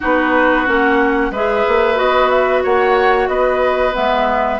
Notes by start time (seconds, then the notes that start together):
0.00 B3 D#4 F#4 B4
0.66 A#3 C#4 F#5
1.30 G#3 G#4 B4 E5
1.68 A#3
1.95 B3 F#4 D#5
2.29 E5
2.63 A#3 C#5 F#5
3.28 B3 B4 D#5
3.92 G#3 B3 E5